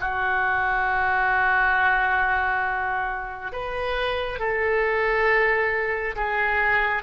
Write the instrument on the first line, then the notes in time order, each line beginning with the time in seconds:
oboe
0.00 F#4
3.52 B4
4.39 A4
6.16 G#4